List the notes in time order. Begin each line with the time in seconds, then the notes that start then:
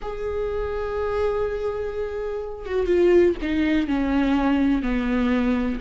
0.01 G#4
2.65 F#4
2.86 F4
3.42 D#4
3.87 C#4
4.82 B3